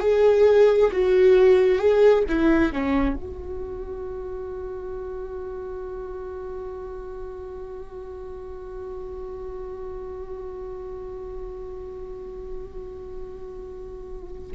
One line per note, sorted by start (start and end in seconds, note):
0.00 0.91 G#4
0.92 1.79 F#4
1.79 2.24 G#4
2.29 2.73 E4
2.73 3.15 C#4
3.15 14.52 F#4